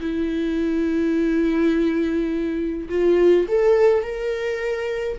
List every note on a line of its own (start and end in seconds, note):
0.00 2.88 E4
2.89 3.46 F4
3.48 4.03 A4
4.03 5.18 A#4